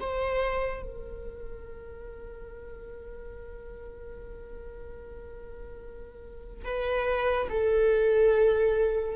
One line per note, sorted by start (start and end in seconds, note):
0.00 0.83 C5
0.83 6.65 A#4
6.65 7.48 B4
7.50 9.16 A4